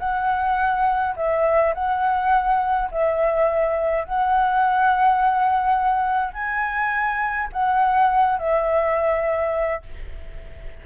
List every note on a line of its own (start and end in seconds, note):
0.00 1.15 F#5
1.17 1.74 E5
1.75 2.90 F#5
2.92 4.05 E5
4.05 6.34 F#5
6.34 7.49 G#5
7.53 8.39 F#5
8.39 9.83 E5